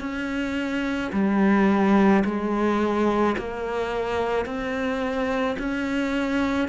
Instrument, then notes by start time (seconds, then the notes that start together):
cello
0.00 C#4
1.13 G3
2.25 G#3
3.38 A#3
4.45 C4
5.59 C#4